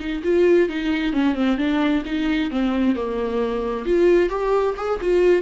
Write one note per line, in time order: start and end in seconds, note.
0.00 0.23 D#4
0.24 0.69 F4
0.69 1.13 D#4
1.13 1.35 C#4
1.35 1.58 C4
1.58 2.04 D4
2.06 2.51 D#4
2.51 2.96 C4
2.96 3.86 A#3
3.86 4.30 F4
4.30 4.75 G4
4.77 5.00 G#4
5.01 5.43 F4